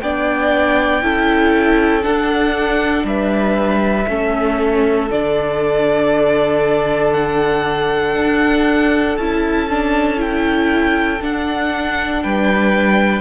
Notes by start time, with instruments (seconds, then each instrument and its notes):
0.00 cello B3, viola D4, violin D5 G5
1.02 cello C#4, viola E4, violin A4
2.02 viola D4, cello D4, violin F#5
3.04 cello G3, violin B4 E5
4.07 cello A3, viola C#4, violin A4
5.10 cello D3, viola D4, violin D5
7.13 violin F#5
8.15 cello D4
9.16 cello C#4, viola E4, violin A5
9.69 viola D4
10.17 viola E4, violin G5
11.21 viola D4, cello D4, violin F#5
12.22 cello G3, violin B4 G5